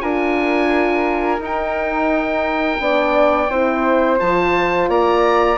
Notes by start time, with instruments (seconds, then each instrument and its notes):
0.00 bassoon D4, horn F4, flute A#4, oboe G#5
1.39 bassoon D#4, horn D#4, oboe G5
2.79 bassoon B3, horn D4, flute D5
3.50 bassoon C4, horn E4, flute C5
4.18 bassoon F3, horn F4, oboe A5
4.88 bassoon A#3, flute D5, oboe A#5